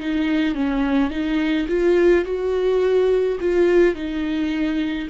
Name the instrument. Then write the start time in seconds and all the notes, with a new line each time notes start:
viola
0.00 D#4
0.55 C#4
1.11 D#4
1.69 F4
2.25 F#4
3.41 F4
3.95 D#4